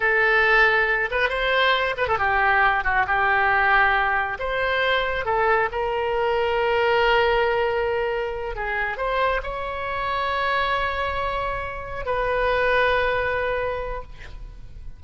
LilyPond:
\new Staff \with { instrumentName = "oboe" } { \time 4/4 \tempo 4 = 137 a'2~ a'8 b'8 c''4~ | c''8 b'16 a'16 g'4. fis'8 g'4~ | g'2 c''2 | a'4 ais'2.~ |
ais'2.~ ais'8 gis'8~ | gis'8 c''4 cis''2~ cis''8~ | cis''2.~ cis''8 b'8~ | b'1 | }